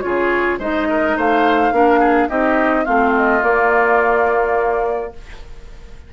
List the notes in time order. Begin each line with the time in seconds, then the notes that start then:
0.00 C#3 F4 G#4 C#5
0.58 G#3 D#4 C5 D#5
0.89 A#4
1.16 A3 C5 F5
1.71 A#3 D4 A#4
1.99 G#4
2.29 C4 D#4 G4 D#5
2.84 A3 C4 F4 F5
3.16 D#5
3.42 A#3 D5